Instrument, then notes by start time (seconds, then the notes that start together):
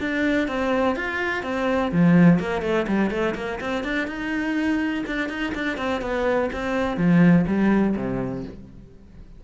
cello
0.00 D4
0.47 C4
0.95 F4
1.43 C4
1.92 F3
2.39 A#3
2.62 A3
2.87 G3
3.10 A3
3.35 A#3
3.60 C4
3.83 D4
4.07 D#4
5.06 D4
5.29 D#4
5.54 D4
5.77 C4
6.01 B3
6.52 C4
6.97 F3
7.47 G3
7.96 C3